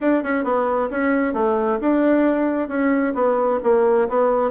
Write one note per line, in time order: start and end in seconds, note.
0.00 0.23 D4
0.23 0.44 C#4
0.44 0.89 B3
0.90 1.33 C#4
1.33 1.78 A3
1.80 2.68 D4
2.68 3.13 C#4
3.14 3.59 B3
3.63 4.08 A#3
4.08 4.50 B3